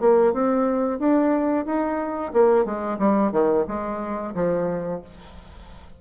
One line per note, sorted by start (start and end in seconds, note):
0.00 0.33 A#3
0.33 0.99 C4
0.99 1.66 D4
1.66 2.32 D#4
2.33 2.65 A#3
2.65 2.98 G#3
2.98 3.32 G3
3.32 3.65 D#3
3.68 4.35 G#3
4.35 5.02 F3